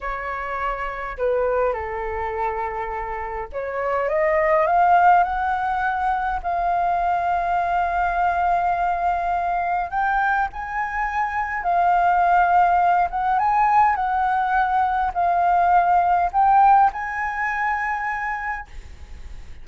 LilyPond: \new Staff \with { instrumentName = "flute" } { \time 4/4 \tempo 4 = 103 cis''2 b'4 a'4~ | a'2 cis''4 dis''4 | f''4 fis''2 f''4~ | f''1~ |
f''4 g''4 gis''2 | f''2~ f''8 fis''8 gis''4 | fis''2 f''2 | g''4 gis''2. | }